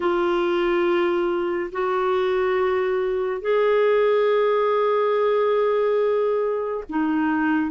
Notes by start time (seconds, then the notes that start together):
0.00 F4
1.71 F#4
3.41 G#4
6.89 D#4